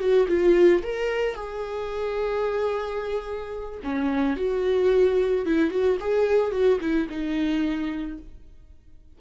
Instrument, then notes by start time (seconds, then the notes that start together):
viola
0.00 F#4
0.28 F4
0.83 A#4
1.35 G#4
3.84 C#4
4.37 F#4
5.46 E4
5.71 F#4
6.00 G#4
6.52 F#4
6.81 E4
7.10 D#4